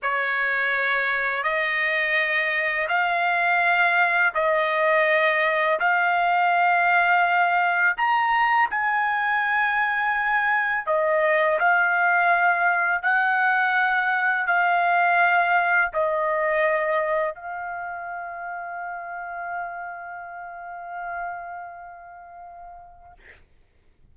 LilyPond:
\new Staff \with { instrumentName = "trumpet" } { \time 4/4 \tempo 4 = 83 cis''2 dis''2 | f''2 dis''2 | f''2. ais''4 | gis''2. dis''4 |
f''2 fis''2 | f''2 dis''2 | f''1~ | f''1 | }